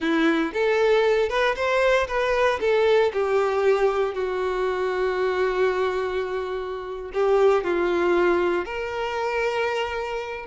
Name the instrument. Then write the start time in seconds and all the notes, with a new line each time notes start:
violin
0.00 E4
0.53 A4
1.29 B4
1.55 C5
2.07 B4
2.60 A4
3.13 G4
4.14 F#4
7.13 G4
7.64 F4
8.65 A#4